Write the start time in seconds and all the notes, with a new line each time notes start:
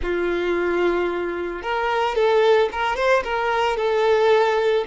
0.02 F4
1.62 A#4
2.15 A4
2.71 A#4
2.96 C5
3.24 A#4
3.76 A4